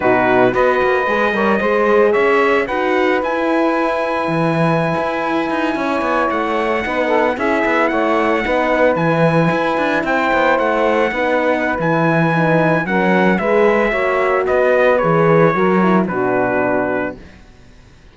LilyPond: <<
  \new Staff \with { instrumentName = "trumpet" } { \time 4/4 \tempo 4 = 112 b'4 dis''2. | e''4 fis''4 gis''2~ | gis''2.~ gis''8. fis''16~ | fis''4.~ fis''16 e''4 fis''4~ fis''16~ |
fis''8. gis''2 g''4 fis''16~ | fis''2 gis''2 | fis''4 e''2 dis''4 | cis''2 b'2 | }
  \new Staff \with { instrumentName = "saxophone" } { \time 4/4 fis'4 b'4. cis''8 c''4 | cis''4 b'2.~ | b'2~ b'8. cis''4~ cis''16~ | cis''8. b'8 a'8 gis'4 cis''4 b'16~ |
b'2~ b'8. c''4~ c''16~ | c''8. b'2.~ b'16 | ais'4 b'4 cis''4 b'4~ | b'4 ais'4 fis'2 | }
  \new Staff \with { instrumentName = "horn" } { \time 4/4 dis'4 fis'4 gis'8 ais'8 gis'4~ | gis'4 fis'4 e'2~ | e'1~ | e'8. dis'4 e'2 dis'16~ |
dis'8. e'2.~ e'16~ | e'8. dis'4~ dis'16 e'4 dis'4 | cis'4 gis'4 fis'2 | gis'4 fis'8 e'8 d'2 | }
  \new Staff \with { instrumentName = "cello" } { \time 4/4 b,4 b8 ais8 gis8 g8 gis4 | cis'4 dis'4 e'2 | e4~ e16 e'4 dis'8 cis'8 b8 a16~ | a8. b4 cis'8 b8 a4 b16~ |
b8. e4 e'8 d'8 c'8 b8 a16~ | a8. b4~ b16 e2 | fis4 gis4 ais4 b4 | e4 fis4 b,2 | }
>>